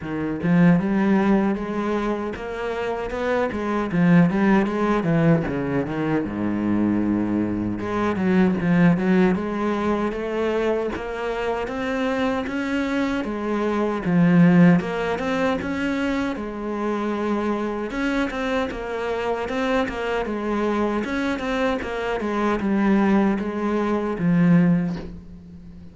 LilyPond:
\new Staff \with { instrumentName = "cello" } { \time 4/4 \tempo 4 = 77 dis8 f8 g4 gis4 ais4 | b8 gis8 f8 g8 gis8 e8 cis8 dis8 | gis,2 gis8 fis8 f8 fis8 | gis4 a4 ais4 c'4 |
cis'4 gis4 f4 ais8 c'8 | cis'4 gis2 cis'8 c'8 | ais4 c'8 ais8 gis4 cis'8 c'8 | ais8 gis8 g4 gis4 f4 | }